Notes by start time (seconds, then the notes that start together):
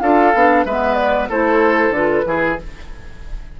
0.00 D4 F4 A4 F5
0.34 B3 D4
0.65 G#3 B3 B4 E5
0.94 D5
1.29 A3 E4 A4 C5
1.90 D3 F4 B4
2.24 E3 E4 G#4